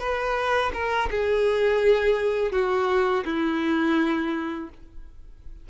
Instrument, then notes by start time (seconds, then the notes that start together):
violin
0.00 B4
0.74 A#4
1.11 G#4
2.52 F#4
3.26 E4